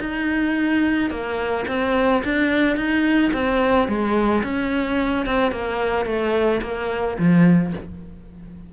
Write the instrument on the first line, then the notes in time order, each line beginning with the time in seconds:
cello
0.00 D#4
1.10 A#3
1.68 C4
2.24 D4
2.76 D#4
3.33 C4
3.88 G#3
4.43 C#4
5.26 C4
5.51 A#3
6.06 A3
6.62 A#3
7.18 F3